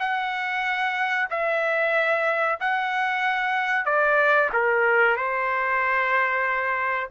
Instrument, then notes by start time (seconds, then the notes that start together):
trumpet
0.00 F#5
1.30 E5
2.61 F#5
3.86 D5
4.54 A#4
5.17 C5